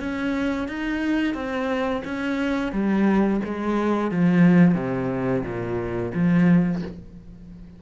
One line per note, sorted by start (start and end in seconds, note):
0.00 0.68 C#4
0.68 1.34 D#4
1.34 2.02 C4
2.05 2.72 C#4
2.72 3.40 G3
3.45 4.11 G#3
4.11 4.75 F3
4.75 5.43 C3
5.44 6.12 A#2
6.14 6.82 F3